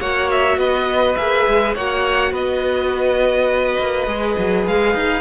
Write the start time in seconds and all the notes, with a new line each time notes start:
0.00 A#3 F#4 C#5 F#5
0.30 E5
0.57 B3 B4 D#5
1.16 A#3 G#4 E5
1.47 G#3
1.75 A#3 F#4 C#5 F#5
2.31 B3 B4 D#5
3.79 A#3
4.07 G#3 G#4
4.38 F#3
4.67 G#3 F5
4.94 D#4